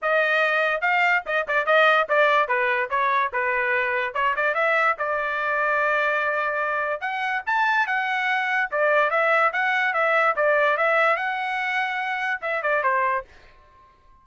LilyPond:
\new Staff \with { instrumentName = "trumpet" } { \time 4/4 \tempo 4 = 145 dis''2 f''4 dis''8 d''8 | dis''4 d''4 b'4 cis''4 | b'2 cis''8 d''8 e''4 | d''1~ |
d''4 fis''4 a''4 fis''4~ | fis''4 d''4 e''4 fis''4 | e''4 d''4 e''4 fis''4~ | fis''2 e''8 d''8 c''4 | }